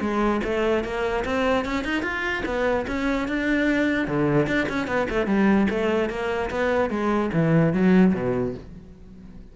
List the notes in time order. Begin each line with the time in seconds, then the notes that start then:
0.00 G#3
0.44 A3
0.84 A#3
1.24 C4
1.65 C#4
1.84 D#4
2.02 F4
2.45 B3
2.87 C#4
3.28 D4
4.07 D3
4.46 D4
4.69 C#4
4.87 B3
5.09 A3
5.26 G3
5.70 A3
6.09 A#3
6.50 B3
6.90 G#3
7.33 E3
7.73 F#3
8.14 B2